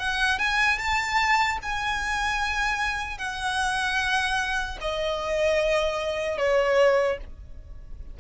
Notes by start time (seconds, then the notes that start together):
0.00 F#5
0.39 G#5
0.79 A5
1.63 G#5
3.19 F#5
4.81 D#5
6.38 C#5